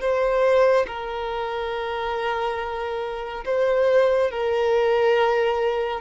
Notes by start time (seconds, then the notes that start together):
0.00 C5
0.87 A#4
3.45 C5
4.31 A#4